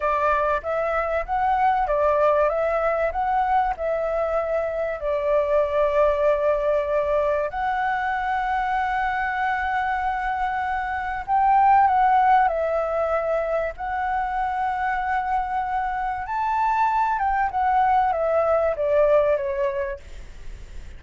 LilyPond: \new Staff \with { instrumentName = "flute" } { \time 4/4 \tempo 4 = 96 d''4 e''4 fis''4 d''4 | e''4 fis''4 e''2 | d''1 | fis''1~ |
fis''2 g''4 fis''4 | e''2 fis''2~ | fis''2 a''4. g''8 | fis''4 e''4 d''4 cis''4 | }